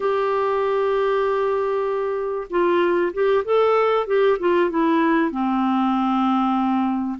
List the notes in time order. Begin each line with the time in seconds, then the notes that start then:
0.00 G4
2.49 F4
3.13 G4
3.44 A4
4.06 G4
4.39 F4
4.69 E4
5.31 C4